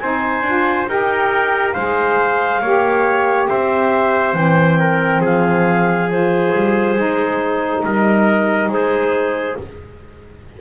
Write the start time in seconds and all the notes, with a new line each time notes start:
0.00 C4 D#4 C5 G#5
0.42 D4 F4
0.88 D#4 G4 A#4 G5
1.73 G#3 G#4 C5 F5
2.61 A#3 G4 C#5
3.49 C4 C5 E5
4.34 E3 C4 G5
4.80 A#4
5.20 F3 G#4 F5
6.10 F4 C5
6.55 G3
6.96 G#3 D#4
7.85 G3 A#4 D#5
8.69 G#3 G#4 C5